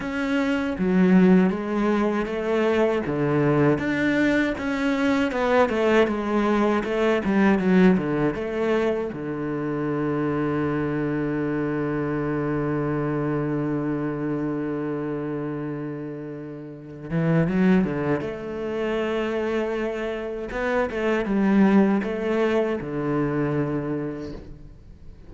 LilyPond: \new Staff \with { instrumentName = "cello" } { \time 4/4 \tempo 4 = 79 cis'4 fis4 gis4 a4 | d4 d'4 cis'4 b8 a8 | gis4 a8 g8 fis8 d8 a4 | d1~ |
d1~ | d2~ d8 e8 fis8 d8 | a2. b8 a8 | g4 a4 d2 | }